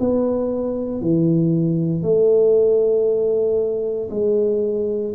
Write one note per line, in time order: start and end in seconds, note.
0.00 1.01 B3
1.01 2.02 E3
2.02 4.09 A3
4.11 5.14 G#3